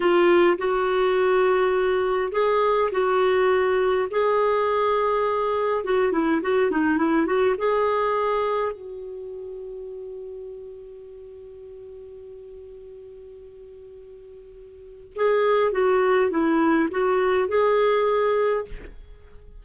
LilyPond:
\new Staff \with { instrumentName = "clarinet" } { \time 4/4 \tempo 4 = 103 f'4 fis'2. | gis'4 fis'2 gis'4~ | gis'2 fis'8 e'8 fis'8 dis'8 | e'8 fis'8 gis'2 fis'4~ |
fis'1~ | fis'1~ | fis'2 gis'4 fis'4 | e'4 fis'4 gis'2 | }